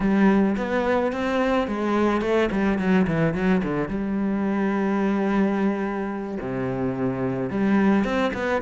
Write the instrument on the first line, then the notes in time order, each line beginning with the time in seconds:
cello
0.00 G3
0.57 B3
1.12 C4
1.67 G#3
2.21 A3
2.51 G3
2.78 F#3
3.07 E3
3.33 F#3
3.63 D3
3.88 G3
6.40 C3
7.49 G3
8.04 C4
8.33 B3